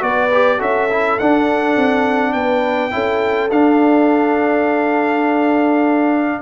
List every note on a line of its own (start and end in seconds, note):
0.00 0.60 B3
0.00 0.29 F#4
0.00 0.58 B4
0.00 0.61 D5
0.32 0.59 G4
0.58 1.19 C#4
0.58 0.88 F#4
0.58 2.33 A4
0.58 1.19 E5
0.91 1.20 E4
1.19 1.76 D4
1.19 2.91 D4
1.19 2.33 F#5
1.76 2.34 C4
2.33 2.93 B3
2.33 2.94 B4
2.33 3.49 G5
2.91 3.50 C#4
2.91 3.49 E4
2.91 6.42 A4
3.50 6.42 D4
3.50 6.42 F5